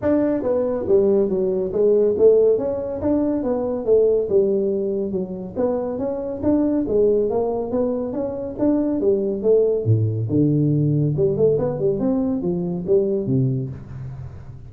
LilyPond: \new Staff \with { instrumentName = "tuba" } { \time 4/4 \tempo 4 = 140 d'4 b4 g4 fis4 | gis4 a4 cis'4 d'4 | b4 a4 g2 | fis4 b4 cis'4 d'4 |
gis4 ais4 b4 cis'4 | d'4 g4 a4 a,4 | d2 g8 a8 b8 g8 | c'4 f4 g4 c4 | }